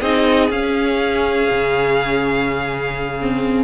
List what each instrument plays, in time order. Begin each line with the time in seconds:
0.00 cello C4, viola D#4, violin G#4 D#5
0.50 cello C#4, viola C#4, violin F5
1.50 cello C#3
3.22 viola C4